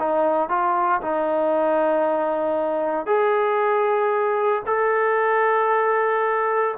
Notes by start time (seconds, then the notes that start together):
0.00 D#4
0.49 F4
1.02 D#4
3.06 G#4
4.66 A4